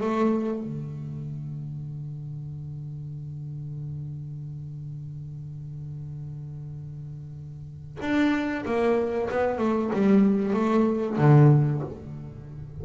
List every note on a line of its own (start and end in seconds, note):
0.00 0.63 A3
0.63 7.97 D3
8.00 8.64 D4
8.65 9.29 A#3
9.30 9.58 B3
9.58 9.90 A3
9.93 10.53 G3
10.53 11.17 A3
11.18 11.81 D3